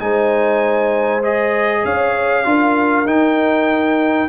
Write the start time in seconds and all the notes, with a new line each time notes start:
0.00 G#3 D#4 C5 G#5
1.23 G#4 D#5
1.84 C#4 C#5 F5
2.45 D4 F4 A#4
3.05 D#4 G5